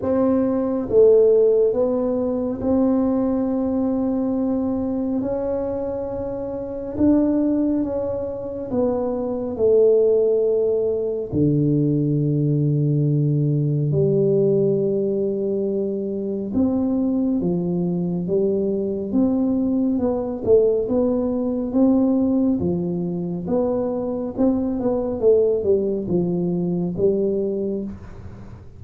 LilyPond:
\new Staff \with { instrumentName = "tuba" } { \time 4/4 \tempo 4 = 69 c'4 a4 b4 c'4~ | c'2 cis'2 | d'4 cis'4 b4 a4~ | a4 d2. |
g2. c'4 | f4 g4 c'4 b8 a8 | b4 c'4 f4 b4 | c'8 b8 a8 g8 f4 g4 | }